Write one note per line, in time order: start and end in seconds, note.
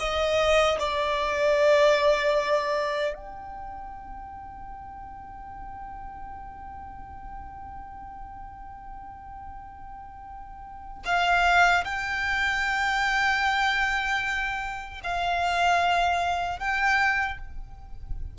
0.00 0.79 D#5
0.79 3.14 D5
3.14 11.04 G5
11.06 11.85 F5
11.85 15.01 G5
15.04 16.60 F5
16.60 17.39 G5